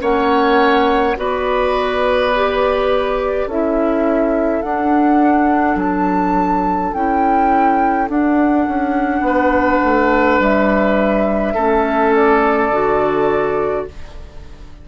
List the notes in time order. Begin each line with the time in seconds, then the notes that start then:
0.00 A#3 C#4 C#5 F#5
1.16 B3 F#4 B4 D5
2.35 G4
3.46 C#4 E4 A4 E5
4.62 D4 F#5
5.76 F#3 A5
6.94 C#4 E4 G5
8.08 D4 F#5
8.67 C#4
9.21 B3 B4
9.84 A3
10.39 G3 E5
11.54 A3 C#4 A4
12.15 D5
12.70 D3 F#4